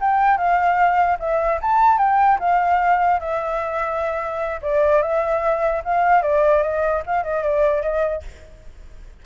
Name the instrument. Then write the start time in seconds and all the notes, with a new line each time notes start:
flute
0.00 G5
0.37 F5
1.19 E5
1.61 A5
1.97 G5
2.39 F5
3.19 E5
4.61 D5
5.02 E5
5.84 F5
6.22 D5
6.62 D#5
7.06 F5
7.23 D#5
7.43 D5
7.82 D#5